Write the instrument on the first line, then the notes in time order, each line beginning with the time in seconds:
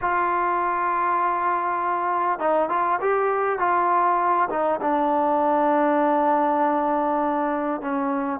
trombone
0.01 F4
2.39 D#4
2.69 F4
3.00 G4
3.58 F4
4.49 D#4
4.81 D4
7.81 C#4